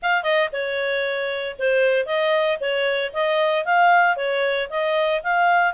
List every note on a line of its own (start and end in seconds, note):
0.02 0.23 F5
0.23 0.49 D#5
0.52 1.56 C#5
1.58 2.06 C5
2.06 2.58 D#5
2.60 3.12 C#5
3.13 3.65 D#5
3.65 4.16 F5
4.16 4.68 C#5
4.69 5.22 D#5
5.23 5.73 F5